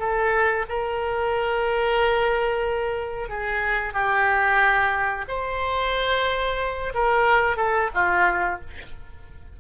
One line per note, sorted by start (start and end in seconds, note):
0.00 0.66 A4
0.69 3.29 A#4
3.29 3.94 G#4
3.94 5.26 G4
5.29 6.94 C5
6.95 7.57 A#4
7.57 7.90 A4
7.95 8.60 F4